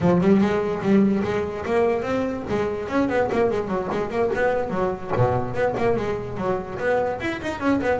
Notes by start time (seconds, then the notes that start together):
0.00 F3
0.20 G3
0.40 G#3
0.81 G3
1.23 G#3
1.65 A#3
2.02 C4
2.49 G#3
2.88 C#4
3.09 B3
3.31 A#3
3.50 G#3
3.67 F#3
3.91 G#3
4.09 A#3
4.35 B3
4.70 F#3
5.16 B2
5.53 B3
5.77 A#3
5.96 G#3
6.37 F#3
6.78 B3
7.20 E4
7.41 D#4
7.60 C#4
7.81 B3